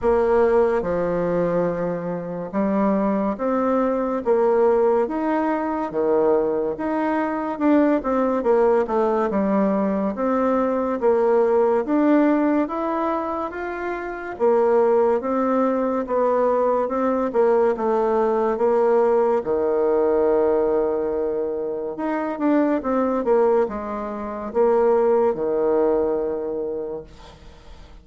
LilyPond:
\new Staff \with { instrumentName = "bassoon" } { \time 4/4 \tempo 4 = 71 ais4 f2 g4 | c'4 ais4 dis'4 dis4 | dis'4 d'8 c'8 ais8 a8 g4 | c'4 ais4 d'4 e'4 |
f'4 ais4 c'4 b4 | c'8 ais8 a4 ais4 dis4~ | dis2 dis'8 d'8 c'8 ais8 | gis4 ais4 dis2 | }